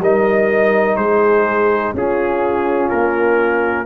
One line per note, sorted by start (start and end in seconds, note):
0.00 0.97 G3
0.00 1.96 D#4
0.00 0.98 A#4
0.00 0.96 D#5
0.96 1.93 G#3
0.96 1.95 G#4
0.96 1.93 C5
1.94 2.91 C#4
1.94 3.86 C#4
1.94 3.86 F4
1.94 2.89 G#4
2.89 3.86 A#3
2.89 3.86 A#4